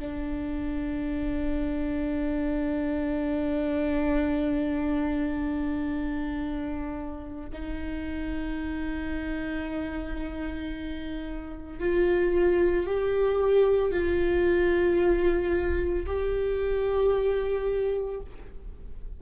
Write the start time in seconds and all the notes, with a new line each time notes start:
0.00 D4
7.53 D#4
11.80 F4
12.87 G4
13.92 F4
16.07 G4